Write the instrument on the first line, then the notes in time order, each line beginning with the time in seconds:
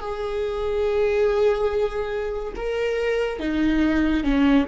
viola
0.00 G#4
2.56 A#4
3.39 D#4
4.24 C#4